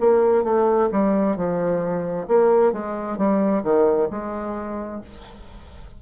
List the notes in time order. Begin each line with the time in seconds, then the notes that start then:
0.00 A#3
0.44 A3
0.92 G3
1.36 F3
2.28 A#3
2.72 G#3
3.18 G3
3.63 D#3
4.10 G#3